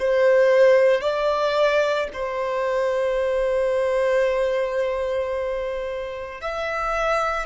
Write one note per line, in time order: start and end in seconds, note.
0.00 1.01 C5
1.01 2.08 D5
2.13 6.41 C5
6.41 7.47 E5